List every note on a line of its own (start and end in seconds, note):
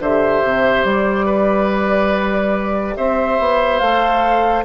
0.00 0.42 D3
0.00 3.82 G4
0.00 1.26 C5
0.00 0.87 E5
0.44 0.85 C3
0.85 2.96 G3
0.85 2.97 D5
1.26 2.95 B4
2.97 3.40 C4
2.97 4.65 C5
2.97 3.79 E5
3.40 3.81 B3
3.79 4.65 A3
3.79 4.65 A4
3.79 4.64 F5